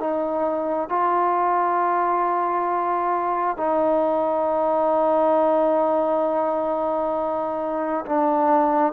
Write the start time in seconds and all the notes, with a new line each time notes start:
0.00 D#4
0.89 F4
3.57 D#4
8.06 D4